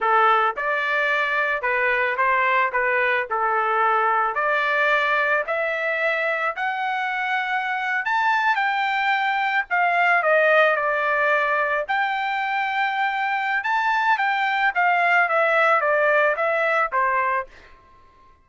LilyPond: \new Staff \with { instrumentName = "trumpet" } { \time 4/4 \tempo 4 = 110 a'4 d''2 b'4 | c''4 b'4 a'2 | d''2 e''2 | fis''2~ fis''8. a''4 g''16~ |
g''4.~ g''16 f''4 dis''4 d''16~ | d''4.~ d''16 g''2~ g''16~ | g''4 a''4 g''4 f''4 | e''4 d''4 e''4 c''4 | }